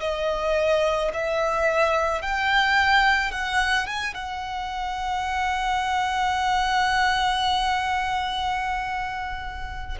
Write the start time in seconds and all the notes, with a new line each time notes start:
0.00 D#5
1.13 E5
2.21 G5
3.31 F#5
3.86 G#5
4.14 F#5